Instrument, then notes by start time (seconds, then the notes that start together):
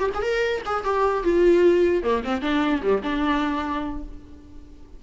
viola
0.00 G4
0.15 G#4
0.22 A#4
0.66 G#4
0.84 G4
1.23 F4
2.03 A#3
2.24 C4
2.41 D4
2.82 G3
3.03 D4